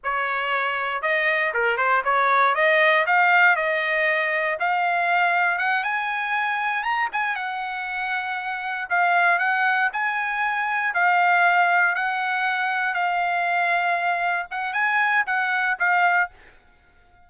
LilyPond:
\new Staff \with { instrumentName = "trumpet" } { \time 4/4 \tempo 4 = 118 cis''2 dis''4 ais'8 c''8 | cis''4 dis''4 f''4 dis''4~ | dis''4 f''2 fis''8 gis''8~ | gis''4. ais''8 gis''8 fis''4.~ |
fis''4. f''4 fis''4 gis''8~ | gis''4. f''2 fis''8~ | fis''4. f''2~ f''8~ | f''8 fis''8 gis''4 fis''4 f''4 | }